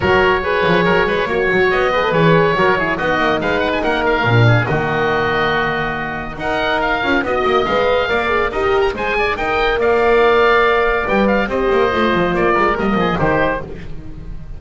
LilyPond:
<<
  \new Staff \with { instrumentName = "oboe" } { \time 4/4 \tempo 4 = 141 cis''1 | dis''4 cis''2 dis''4 | f''8 fis''16 gis''16 fis''8 f''4. dis''4~ | dis''2. fis''4 |
f''4 dis''4 f''2 | dis''8. ais''16 gis''4 g''4 f''4~ | f''2 g''8 f''8 dis''4~ | dis''4 d''4 dis''4 c''4 | }
  \new Staff \with { instrumentName = "oboe" } { \time 4/4 ais'4 b'4 ais'8 b'8 cis''4~ | cis''8 b'4. ais'8 gis'8 fis'4 | b'4 ais'4. gis'8 fis'4~ | fis'2. ais'4~ |
ais'4 dis''2 d''4 | ais'4 c''8 d''8 dis''4 d''4~ | d''2. c''4~ | c''4. ais'4 gis'8 g'4 | }
  \new Staff \with { instrumentName = "horn" } { \time 4/4 fis'4 gis'2 fis'4~ | fis'8 gis'16 a'16 gis'4 fis'8 e'8 dis'4~ | dis'2 d'4 ais4~ | ais2. dis'4~ |
dis'8 f'8 fis'4 b'4 ais'8 gis'8 | g'4 gis'4 ais'2~ | ais'2 b'4 g'4 | f'2 ais4 dis'4 | }
  \new Staff \with { instrumentName = "double bass" } { \time 4/4 fis4. f8 fis8 gis8 ais8 fis8 | b4 e4 fis4 b8 ais8 | gis4 ais4 ais,4 dis4~ | dis2. dis'4~ |
dis'8 cis'8 b8 ais8 gis4 ais4 | dis'4 gis4 dis'4 ais4~ | ais2 g4 c'8 ais8 | a8 f8 ais8 gis8 g8 f8 dis4 | }
>>